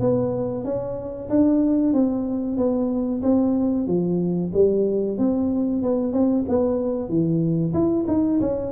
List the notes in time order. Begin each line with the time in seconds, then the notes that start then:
0.00 B3
0.65 C#4
1.30 D4
1.93 C4
2.57 B3
3.23 C4
3.87 F3
4.54 G3
5.18 C4
5.82 B3
6.13 C4
6.49 B3
7.09 E3
7.74 E4
8.08 D#4
8.41 C#4